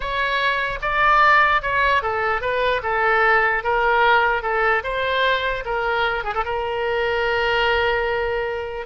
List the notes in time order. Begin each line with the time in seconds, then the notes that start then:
0.00 C#5
0.81 D5
1.62 C#5
2.02 A4
2.41 B4
2.82 A4
3.63 A#4
4.42 A4
4.83 C5
5.65 A#4
6.24 G#4
6.34 A4
6.44 A#4